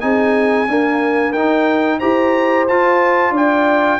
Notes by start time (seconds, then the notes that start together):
0.00 C4 D#4 G#4 G#5
0.68 A#3 D4 A#4
1.32 D#4 G5
1.99 E4 G4 C5 A#5
2.67 F4 A5
3.30 D4 D5 G5